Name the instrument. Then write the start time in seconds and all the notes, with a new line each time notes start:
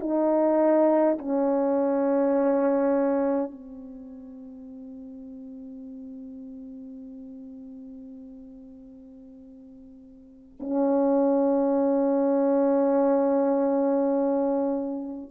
horn
0.00 D#4
1.18 C#4
3.51 C4
10.60 C#4